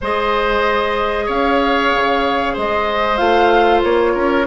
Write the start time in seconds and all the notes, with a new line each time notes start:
0.01 G#3 G#4 C5 D#5
1.26 C#4 C#5 F5
1.95 C#3
2.53 G#3 C5 D#5
3.17 A3 F4 F5
3.83 A#3 C#5
4.13 C#4 A#4